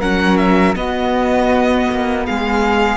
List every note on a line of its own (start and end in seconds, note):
0.00 0.75 F#3
0.00 0.75 C#4
0.00 0.75 A#4
0.00 0.37 F#5
0.37 0.75 E5
0.75 2.97 B3
0.75 1.88 B3
0.75 2.26 F#4
0.75 2.25 D#5
1.90 2.28 A#3
2.26 2.97 G#3
2.26 2.97 G#4
2.26 2.97 F5